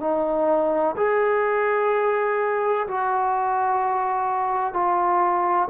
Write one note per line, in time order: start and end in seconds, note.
0.00 0.95 D#4
0.96 2.87 G#4
2.87 4.73 F#4
4.73 5.68 F4